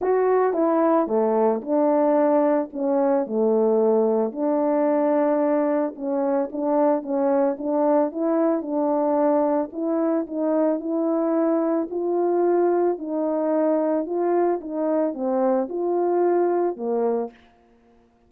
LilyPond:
\new Staff \with { instrumentName = "horn" } { \time 4/4 \tempo 4 = 111 fis'4 e'4 a4 d'4~ | d'4 cis'4 a2 | d'2. cis'4 | d'4 cis'4 d'4 e'4 |
d'2 e'4 dis'4 | e'2 f'2 | dis'2 f'4 dis'4 | c'4 f'2 ais4 | }